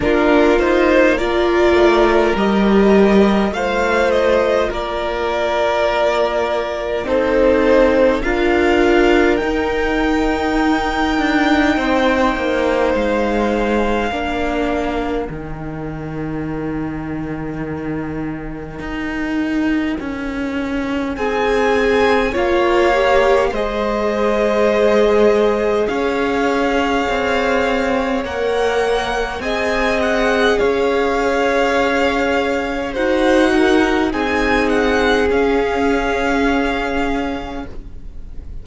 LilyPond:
<<
  \new Staff \with { instrumentName = "violin" } { \time 4/4 \tempo 4 = 51 ais'8 c''8 d''4 dis''4 f''8 dis''8 | d''2 c''4 f''4 | g''2. f''4~ | f''4 g''2.~ |
g''2 gis''4 f''4 | dis''2 f''2 | fis''4 gis''8 fis''8 f''2 | fis''4 gis''8 fis''8 f''2 | }
  \new Staff \with { instrumentName = "violin" } { \time 4/4 f'4 ais'2 c''4 | ais'2 a'4 ais'4~ | ais'2 c''2 | ais'1~ |
ais'2 gis'4 cis''4 | c''2 cis''2~ | cis''4 dis''4 cis''2 | c''8 ais'8 gis'2. | }
  \new Staff \with { instrumentName = "viola" } { \time 4/4 d'8 dis'8 f'4 g'4 f'4~ | f'2 dis'4 f'4 | dis'1 | d'4 dis'2.~ |
dis'2. f'8 g'8 | gis'1 | ais'4 gis'2. | fis'4 dis'4 cis'2 | }
  \new Staff \with { instrumentName = "cello" } { \time 4/4 ais4. a8 g4 a4 | ais2 c'4 d'4 | dis'4. d'8 c'8 ais8 gis4 | ais4 dis2. |
dis'4 cis'4 c'4 ais4 | gis2 cis'4 c'4 | ais4 c'4 cis'2 | dis'4 c'4 cis'2 | }
>>